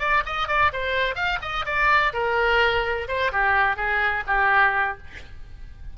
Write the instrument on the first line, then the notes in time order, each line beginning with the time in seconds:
oboe
0.00 D5
0.26 D#5
0.48 D5
0.73 C5
1.16 F5
1.42 D#5
1.66 D5
2.13 A#4
3.08 C5
3.32 G4
3.77 G#4
4.27 G4